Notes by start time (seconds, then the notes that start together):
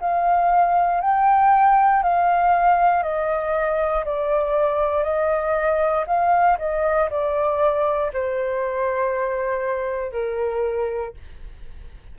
0.00 F5
1.01 G5
2.02 F5
3.02 D#5
4.04 D5
5.03 D#5
6.06 F5
6.58 D#5
7.10 D5
8.13 C5
10.12 A#4